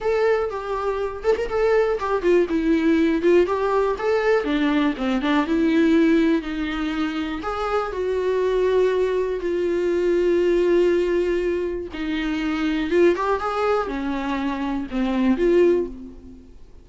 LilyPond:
\new Staff \with { instrumentName = "viola" } { \time 4/4 \tempo 4 = 121 a'4 g'4. a'16 ais'16 a'4 | g'8 f'8 e'4. f'8 g'4 | a'4 d'4 c'8 d'8 e'4~ | e'4 dis'2 gis'4 |
fis'2. f'4~ | f'1 | dis'2 f'8 g'8 gis'4 | cis'2 c'4 f'4 | }